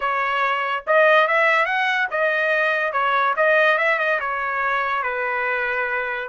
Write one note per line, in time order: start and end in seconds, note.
0.00 0.84 C#5
0.86 1.27 D#5
1.27 1.65 E5
1.65 2.07 F#5
2.11 2.92 D#5
2.92 3.34 C#5
3.36 3.77 D#5
3.77 3.98 E5
3.98 4.19 D#5
4.20 5.02 C#5
5.02 6.28 B4